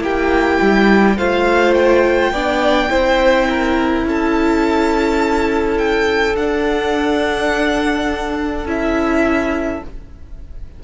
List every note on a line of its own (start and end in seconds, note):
0.00 0.58 A#3
0.00 1.15 E4
0.00 1.17 G4
0.00 1.18 G5
0.61 1.18 G3
1.17 2.31 A3
1.17 2.34 F4
1.17 2.32 C5
1.17 1.74 F5
1.74 4.05 G5
2.31 2.89 B3
2.31 2.89 D4
2.31 2.90 D5
2.89 4.04 C4
2.89 6.35 E4
2.89 3.48 C5
3.50 4.07 A#4
4.04 6.35 C#4
4.04 9.84 A4
4.04 5.78 A5
5.78 6.36 G5
6.35 8.65 D4
6.35 8.66 D4
6.35 8.68 F#5
8.65 9.81 C#4
8.65 9.82 E4
8.65 9.84 E5